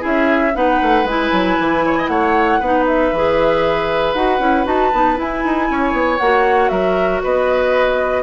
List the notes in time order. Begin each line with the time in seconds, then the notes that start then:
0.00 C#4 E4 G#4 E5
0.55 B3 D#4 B4 F#5
0.82 A3
1.04 G#3 E4 G#5
1.32 F#3
1.60 E3
1.85 C#5
1.98 D#5
2.07 A3 C#5 F#5
2.60 B3 D#4 B4
2.86 E5
3.12 E3 G#4
4.14 D#4 F#4 F#5
4.39 C#4 E4
4.65 D#4 F#4 A5
4.93 B3 D#4
5.16 E4 G#5
5.44 D#4
5.70 C#4 C#5
5.93 B3
6.18 A#3 F#4 F#5
6.69 F#3 A#4 E5
7.23 B3 B4 D#5